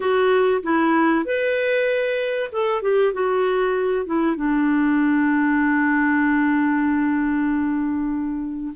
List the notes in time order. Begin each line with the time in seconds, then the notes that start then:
0.00 F#4
0.62 E4
1.25 B4
2.52 A4
2.82 G4
3.13 F#4
4.06 E4
4.36 D4